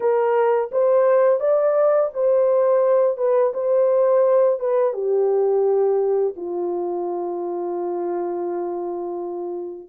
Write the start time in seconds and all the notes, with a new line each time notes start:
0.00 A#4
0.71 C5
1.40 D5
2.13 C5
3.17 B4
3.53 C5
4.59 B4
4.93 G4
6.36 F4